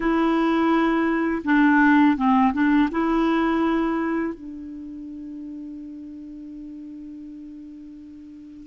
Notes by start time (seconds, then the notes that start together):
0.00 E4
1.44 D4
2.16 C4
2.53 D4
2.91 E4
4.34 D4